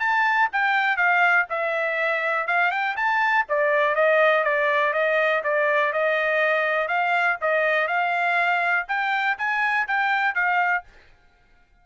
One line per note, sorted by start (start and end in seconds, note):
0.00 0.49 A5
0.53 0.97 G5
0.97 1.46 F5
1.50 2.48 E5
2.48 2.71 F5
2.71 2.96 G5
2.96 3.46 A5
3.49 3.95 D5
3.95 4.44 D#5
4.44 4.93 D5
4.94 5.43 D#5
5.44 5.93 D5
5.93 6.88 D#5
6.88 7.37 F5
7.42 7.88 D#5
7.88 8.86 F5
8.88 9.38 G5
9.38 9.88 G#5
9.88 10.35 G5
10.35 10.84 F5